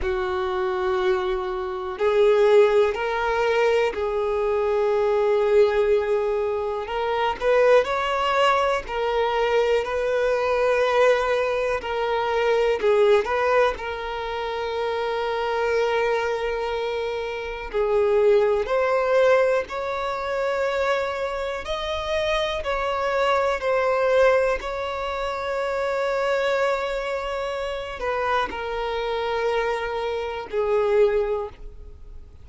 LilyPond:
\new Staff \with { instrumentName = "violin" } { \time 4/4 \tempo 4 = 61 fis'2 gis'4 ais'4 | gis'2. ais'8 b'8 | cis''4 ais'4 b'2 | ais'4 gis'8 b'8 ais'2~ |
ais'2 gis'4 c''4 | cis''2 dis''4 cis''4 | c''4 cis''2.~ | cis''8 b'8 ais'2 gis'4 | }